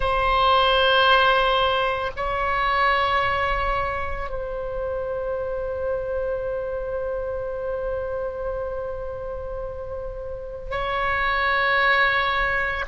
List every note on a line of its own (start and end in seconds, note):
0.00 2.11 C5
2.16 4.29 C#5
4.29 10.70 C5
10.70 12.85 C#5